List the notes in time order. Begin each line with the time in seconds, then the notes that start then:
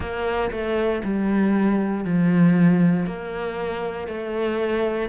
0.00 A#3
0.51 A3
1.04 G3
2.04 F3
3.06 A#3
4.07 A3